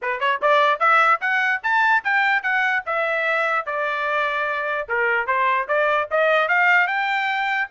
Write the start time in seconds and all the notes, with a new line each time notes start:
0.02 B4
0.19 C#5
0.41 D5
0.79 E5
1.21 F#5
1.63 A5
2.03 G5
2.42 F#5
2.86 E5
3.66 D5
4.88 A#4
5.26 C5
5.68 D5
6.11 D#5
6.48 F5
6.87 G5